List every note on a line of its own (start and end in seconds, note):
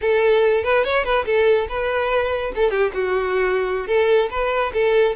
0.01 0.63 A4
0.63 0.84 B4
0.84 1.04 C#5
1.04 1.25 B4
1.25 1.67 A4
1.68 2.52 B4
2.55 2.70 A4
2.70 2.91 G4
2.94 3.87 F#4
3.87 4.29 A4
4.30 4.72 B4
4.73 5.15 A4